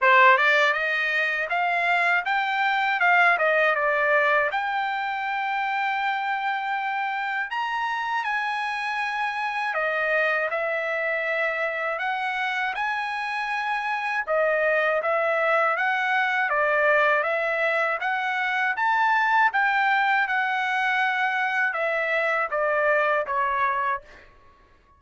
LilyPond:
\new Staff \with { instrumentName = "trumpet" } { \time 4/4 \tempo 4 = 80 c''8 d''8 dis''4 f''4 g''4 | f''8 dis''8 d''4 g''2~ | g''2 ais''4 gis''4~ | gis''4 dis''4 e''2 |
fis''4 gis''2 dis''4 | e''4 fis''4 d''4 e''4 | fis''4 a''4 g''4 fis''4~ | fis''4 e''4 d''4 cis''4 | }